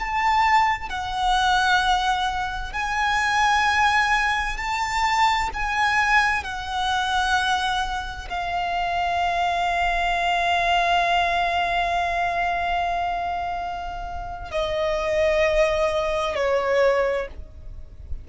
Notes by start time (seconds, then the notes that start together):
0.00 A5
0.89 F#5
2.73 G#5
4.58 A5
5.54 G#5
6.44 F#5
8.30 F5
14.52 D#5
16.36 C#5